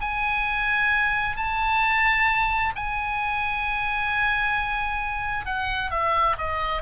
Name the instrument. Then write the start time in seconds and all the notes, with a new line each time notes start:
oboe
0.00 G#5
1.36 A5
2.75 G#5
5.45 F#5
5.90 E5
6.38 D#5